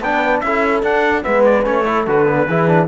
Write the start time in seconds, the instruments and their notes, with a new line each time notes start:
0.00 cello B3, trombone D4, horn B4, trumpet G5
0.40 cello C#4, trombone E4, horn A4, trumpet E5
0.83 cello D4, trombone D4, trumpet F#5
1.22 cello G#3, trombone B3, horn B4, trumpet E5
1.45 trumpet D5
1.64 cello A3, trombone C#4, trumpet C#5
1.85 trombone E4, horn A4
2.06 cello D3, trombone F#4, trumpet B4
2.26 trombone B3
2.47 cello E3, trombone E4, horn G#4
2.67 trombone D4